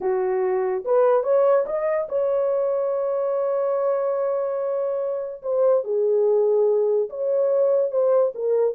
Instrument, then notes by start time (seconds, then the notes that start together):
horn
0.00 F#4
0.84 B4
1.23 C#5
1.66 D#5
2.08 C#5
5.42 C5
5.84 G#4
7.09 C#5
7.91 C5
8.34 A#4